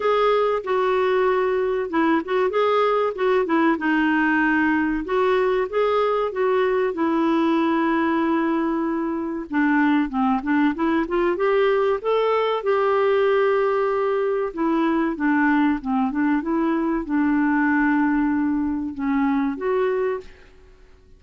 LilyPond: \new Staff \with { instrumentName = "clarinet" } { \time 4/4 \tempo 4 = 95 gis'4 fis'2 e'8 fis'8 | gis'4 fis'8 e'8 dis'2 | fis'4 gis'4 fis'4 e'4~ | e'2. d'4 |
c'8 d'8 e'8 f'8 g'4 a'4 | g'2. e'4 | d'4 c'8 d'8 e'4 d'4~ | d'2 cis'4 fis'4 | }